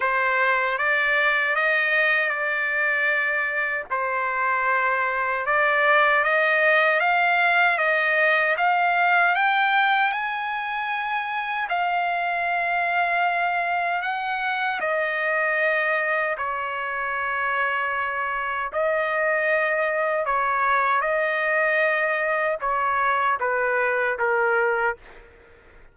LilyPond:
\new Staff \with { instrumentName = "trumpet" } { \time 4/4 \tempo 4 = 77 c''4 d''4 dis''4 d''4~ | d''4 c''2 d''4 | dis''4 f''4 dis''4 f''4 | g''4 gis''2 f''4~ |
f''2 fis''4 dis''4~ | dis''4 cis''2. | dis''2 cis''4 dis''4~ | dis''4 cis''4 b'4 ais'4 | }